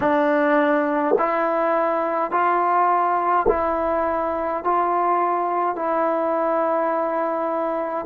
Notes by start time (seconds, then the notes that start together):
0.00 D4
1.18 E4
2.31 F4
3.48 E4
4.64 F4
5.75 E4